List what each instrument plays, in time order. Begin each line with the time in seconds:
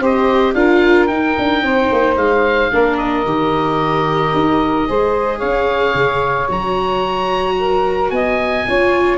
0.00 tuba C4, viola G4, saxophone C5, oboe D#5
0.55 tuba D4, viola F4, saxophone A#4, oboe F5
1.07 viola D#4, tuba D#4, oboe G5
1.39 tuba D4
1.62 tuba C4, saxophone C5
1.92 tuba A#3
2.17 tuba G#3, oboe F5
2.72 tuba A#3, viola D4, saxophone A#4
2.98 oboe D#5
3.26 tuba D#3, viola G4
4.34 tuba D#4
4.88 tuba G#3, viola G#4, saxophone C5
5.38 tuba C#4, saxophone C#5, oboe F5
5.94 tuba C#3
6.48 tuba F#3, viola F#4, oboe A#5
7.60 saxophone A#4
8.11 tuba B3, saxophone D#5, oboe G#5
8.67 tuba C#4, viola F4, saxophone C#5